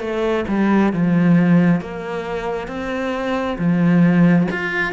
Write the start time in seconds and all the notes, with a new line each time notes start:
0.00 A3
0.48 G3
0.93 F3
1.81 A#3
2.68 C4
3.58 F3
4.51 F4